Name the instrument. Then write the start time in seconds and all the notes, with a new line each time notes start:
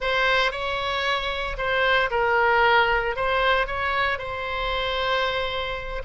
oboe
0.00 C5
0.51 C#5
1.57 C5
2.10 A#4
3.16 C5
3.66 C#5
4.18 C5